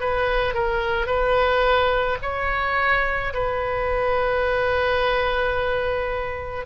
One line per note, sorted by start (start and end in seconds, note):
0.00 0.54 B4
0.54 1.07 A#4
1.07 2.18 B4
2.22 3.33 C#5
3.33 6.66 B4